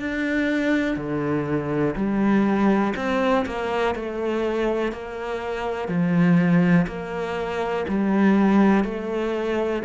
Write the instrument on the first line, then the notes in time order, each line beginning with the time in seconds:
cello
0.00 D4
0.97 D3
1.96 G3
2.96 C4
3.46 A#3
3.95 A3
4.92 A#3
5.88 F3
6.87 A#3
7.88 G3
8.84 A3